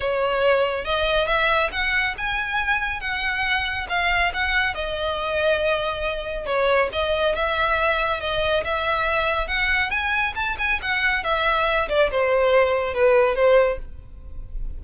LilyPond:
\new Staff \with { instrumentName = "violin" } { \time 4/4 \tempo 4 = 139 cis''2 dis''4 e''4 | fis''4 gis''2 fis''4~ | fis''4 f''4 fis''4 dis''4~ | dis''2. cis''4 |
dis''4 e''2 dis''4 | e''2 fis''4 gis''4 | a''8 gis''8 fis''4 e''4. d''8 | c''2 b'4 c''4 | }